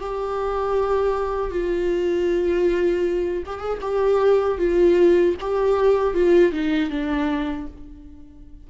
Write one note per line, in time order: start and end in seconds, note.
0.00 1.51 G4
1.51 3.43 F4
3.46 3.59 G4
3.59 3.79 G#4
3.81 4.58 G4
4.58 5.35 F4
5.41 6.14 G4
6.14 6.52 F4
6.52 6.90 D#4
6.90 7.67 D4